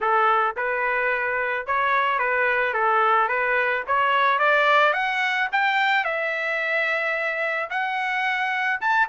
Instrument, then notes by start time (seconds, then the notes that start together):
trumpet
0.00 A4
0.56 B4
1.66 C#5
2.18 B4
2.73 A4
3.28 B4
3.87 C#5
4.39 D5
4.93 F#5
5.51 G5
6.04 E5
7.69 F#5
8.80 A5